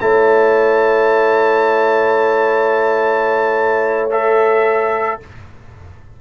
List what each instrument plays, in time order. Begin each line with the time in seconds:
0.00 tuba A3, trombone E4, horn C#5, trumpet A5
4.11 trombone A4, trumpet E5